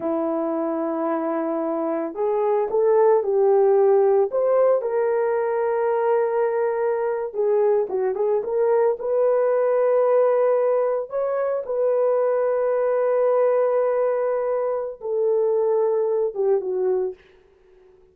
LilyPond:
\new Staff \with { instrumentName = "horn" } { \time 4/4 \tempo 4 = 112 e'1 | gis'4 a'4 g'2 | c''4 ais'2.~ | ais'4.~ ais'16 gis'4 fis'8 gis'8 ais'16~ |
ais'8. b'2.~ b'16~ | b'8. cis''4 b'2~ b'16~ | b'1 | a'2~ a'8 g'8 fis'4 | }